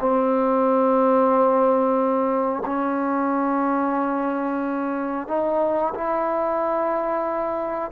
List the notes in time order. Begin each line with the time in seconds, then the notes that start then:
0.00 C4
2.66 C#4
5.28 D#4
5.95 E4